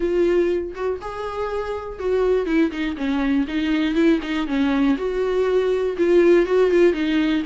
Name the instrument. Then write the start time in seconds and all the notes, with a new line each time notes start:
viola
0.00 F4
0.74 F#4
1.01 G#4
1.99 F#4
2.46 E4
2.71 D#4
2.96 C#4
3.47 D#4
3.94 E4
4.22 D#4
4.47 C#4
4.97 F#4
5.97 F4
6.46 F#4
6.70 F4
6.93 D#4